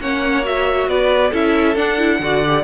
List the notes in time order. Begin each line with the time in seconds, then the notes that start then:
0.00 A#3 C#4 C#5 F#5
0.43 F#4 E5
0.87 B3 B4 D5
1.30 C#4 E4 A4 E5
1.75 D4 F#5
1.98 E4
2.19 D3 F#4 D5
2.45 G4